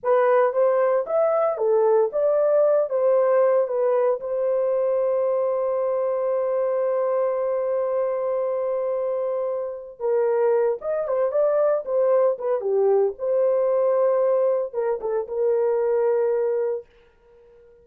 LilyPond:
\new Staff \with { instrumentName = "horn" } { \time 4/4 \tempo 4 = 114 b'4 c''4 e''4 a'4 | d''4. c''4. b'4 | c''1~ | c''1~ |
c''2. ais'4~ | ais'8 dis''8 c''8 d''4 c''4 b'8 | g'4 c''2. | ais'8 a'8 ais'2. | }